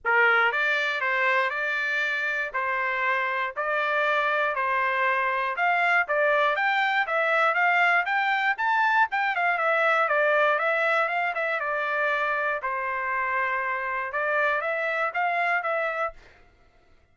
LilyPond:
\new Staff \with { instrumentName = "trumpet" } { \time 4/4 \tempo 4 = 119 ais'4 d''4 c''4 d''4~ | d''4 c''2 d''4~ | d''4 c''2 f''4 | d''4 g''4 e''4 f''4 |
g''4 a''4 g''8 f''8 e''4 | d''4 e''4 f''8 e''8 d''4~ | d''4 c''2. | d''4 e''4 f''4 e''4 | }